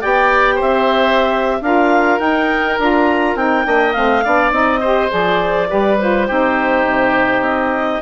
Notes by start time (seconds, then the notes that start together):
0.00 B3 G4 D5 G5
0.55 C5 E5
0.61 C4
1.61 D4 F4 A#4 F5
2.19 D#4 G5
2.78 D4 F4 A#5
3.35 C4 D#4 G5
3.65 A#3 D4 D#5
3.93 A3 C4 F5
4.24 B3 D4 D5
4.51 C4 D#4 D#5
4.80 G4 C5
5.08 F3 G#4 D5
5.68 G3 G4 B4
5.99 F4 C5
6.27 C4 D#4 G4
6.85 C3
7.41 C4 D#5